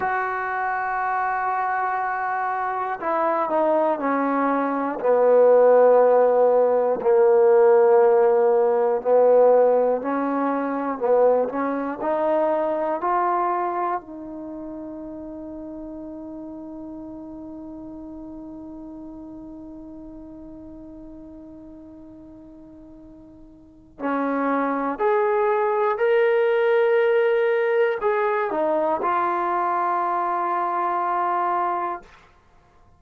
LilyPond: \new Staff \with { instrumentName = "trombone" } { \time 4/4 \tempo 4 = 60 fis'2. e'8 dis'8 | cis'4 b2 ais4~ | ais4 b4 cis'4 b8 cis'8 | dis'4 f'4 dis'2~ |
dis'1~ | dis'1 | cis'4 gis'4 ais'2 | gis'8 dis'8 f'2. | }